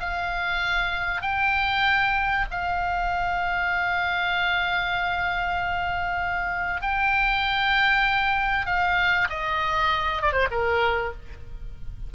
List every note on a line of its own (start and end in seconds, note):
0.00 1.22 F5
1.22 2.45 G5
2.51 6.82 F5
6.82 8.66 G5
8.66 9.28 F5
9.30 10.22 D#5
10.22 10.32 D5
10.32 10.48 C5
10.51 11.13 A#4